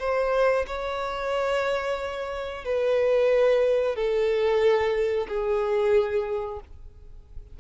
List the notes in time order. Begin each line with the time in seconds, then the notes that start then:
0.00 C5
0.67 C#5
2.65 B4
3.96 A4
5.28 G#4